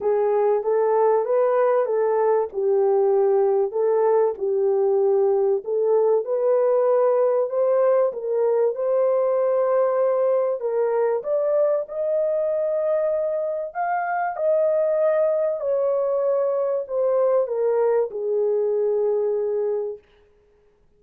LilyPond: \new Staff \with { instrumentName = "horn" } { \time 4/4 \tempo 4 = 96 gis'4 a'4 b'4 a'4 | g'2 a'4 g'4~ | g'4 a'4 b'2 | c''4 ais'4 c''2~ |
c''4 ais'4 d''4 dis''4~ | dis''2 f''4 dis''4~ | dis''4 cis''2 c''4 | ais'4 gis'2. | }